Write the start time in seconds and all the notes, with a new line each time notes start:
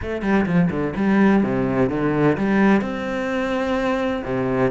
0.02 A3
0.22 G3
0.46 F3
0.70 D3
0.96 G3
1.43 C3
1.89 D3
2.37 G3
2.81 C4
4.24 C3